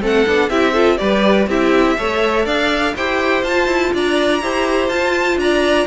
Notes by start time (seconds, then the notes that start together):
0.00 A3 C4 A4
0.06 F#5
0.27 B3 D4
0.49 C4 E4 G4 E5
0.72 F4 A4
0.97 G3 G4 B4 D5
1.47 C4 E4 G4 E5
1.98 A3 A4 C#5
2.45 D4 D5 F5
2.96 E4 G4 C5 G5
3.43 F4 A5
3.67 E4
3.94 D4 D5 A#5
4.42 E4 G4 C5
4.89 F4 A5
5.36 D4 D5 A#5